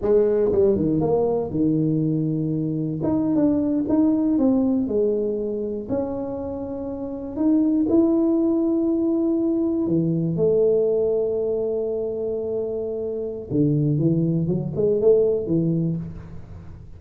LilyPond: \new Staff \with { instrumentName = "tuba" } { \time 4/4 \tempo 4 = 120 gis4 g8 dis8 ais4 dis4~ | dis2 dis'8. d'4 dis'16~ | dis'8. c'4 gis2 cis'16~ | cis'2~ cis'8. dis'4 e'16~ |
e'2.~ e'8. e16~ | e8. a2.~ a16~ | a2. d4 | e4 fis8 gis8 a4 e4 | }